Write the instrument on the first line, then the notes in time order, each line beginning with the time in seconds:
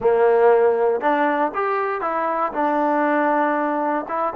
trombone
0.00 A#3
1.01 D4
1.54 G4
2.01 E4
2.53 D4
4.08 E4